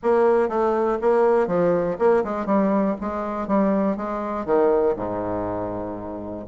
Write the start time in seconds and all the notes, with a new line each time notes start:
0.02 A#3
0.48 A3
1.01 A#3
1.47 F3
1.98 A#3
2.24 G#3
2.46 G3
3.00 G#3
3.47 G3
3.97 G#3
4.45 D#3
4.96 G#2